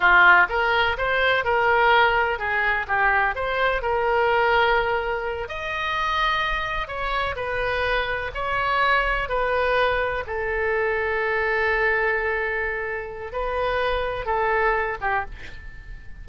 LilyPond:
\new Staff \with { instrumentName = "oboe" } { \time 4/4 \tempo 4 = 126 f'4 ais'4 c''4 ais'4~ | ais'4 gis'4 g'4 c''4 | ais'2.~ ais'8 dis''8~ | dis''2~ dis''8 cis''4 b'8~ |
b'4. cis''2 b'8~ | b'4. a'2~ a'8~ | a'1 | b'2 a'4. g'8 | }